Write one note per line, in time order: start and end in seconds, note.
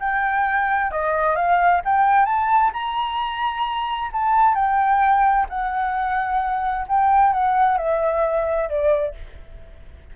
0.00 0.91 G5
0.91 1.36 D#5
1.36 1.81 F5
1.85 2.26 G5
2.26 2.71 A5
2.74 4.11 A#5
4.13 4.55 A5
4.55 5.46 G5
5.49 6.87 F#5
6.88 7.33 G5
7.33 7.78 F#5
7.78 8.69 E5
8.69 9.15 D5